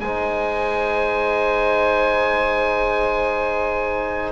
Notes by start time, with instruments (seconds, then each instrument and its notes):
0.00 double bass G#3, trombone D#4, viola C5, oboe G#5